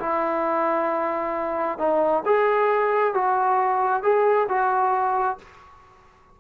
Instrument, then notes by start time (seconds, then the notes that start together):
trombone
0.00 E4
1.79 D#4
2.26 G#4
3.14 F#4
4.03 G#4
4.49 F#4